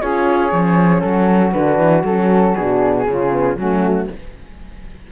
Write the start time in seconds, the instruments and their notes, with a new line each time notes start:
0.00 cello C#4, horn F4, saxophone G#4, flute C#5
0.52 cello F3, horn C#4
1.00 cello F#3, saxophone F#4, flute A4
1.52 cello D3, horn D4, flute B4
1.78 cello E3
2.04 cello F#3, horn C#4, flute A4
2.55 cello B2, horn D4, flute G#4
3.07 cello C#3, horn C#4, saxophone F4
3.31 horn B3
3.56 cello F#3, horn A3, saxophone C#4, flute F#4